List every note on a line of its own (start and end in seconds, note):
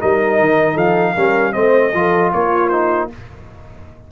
0.00 0.40 G3
0.00 1.16 D#4
0.00 0.74 A#4
0.00 0.78 D#5
0.40 0.76 D#3
0.74 1.15 F3
0.74 1.13 A4
0.74 1.53 F5
1.14 1.56 G3
1.14 1.53 C#4
1.14 1.53 A#4
1.53 1.94 A3
1.53 1.92 C4
1.53 1.94 C5
1.53 2.31 D#5
1.94 2.32 F3
1.94 2.71 F4
1.94 2.32 A4
2.32 3.12 A#3
2.32 3.10 F4
2.32 2.69 C#5
2.69 3.10 D#4
2.69 3.08 C5